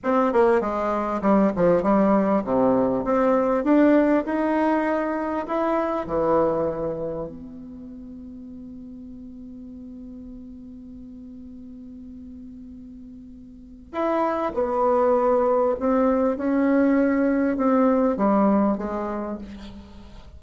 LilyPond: \new Staff \with { instrumentName = "bassoon" } { \time 4/4 \tempo 4 = 99 c'8 ais8 gis4 g8 f8 g4 | c4 c'4 d'4 dis'4~ | dis'4 e'4 e2 | b1~ |
b1~ | b2. e'4 | b2 c'4 cis'4~ | cis'4 c'4 g4 gis4 | }